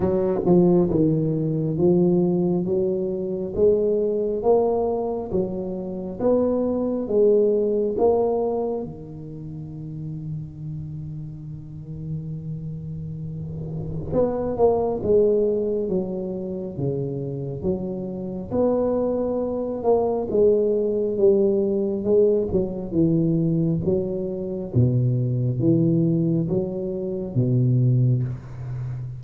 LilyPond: \new Staff \with { instrumentName = "tuba" } { \time 4/4 \tempo 4 = 68 fis8 f8 dis4 f4 fis4 | gis4 ais4 fis4 b4 | gis4 ais4 dis2~ | dis1 |
b8 ais8 gis4 fis4 cis4 | fis4 b4. ais8 gis4 | g4 gis8 fis8 e4 fis4 | b,4 e4 fis4 b,4 | }